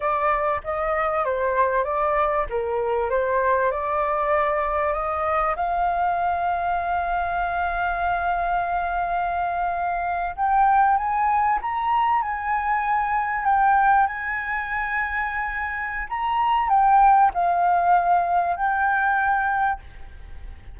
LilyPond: \new Staff \with { instrumentName = "flute" } { \time 4/4 \tempo 4 = 97 d''4 dis''4 c''4 d''4 | ais'4 c''4 d''2 | dis''4 f''2.~ | f''1~ |
f''8. g''4 gis''4 ais''4 gis''16~ | gis''4.~ gis''16 g''4 gis''4~ gis''16~ | gis''2 ais''4 g''4 | f''2 g''2 | }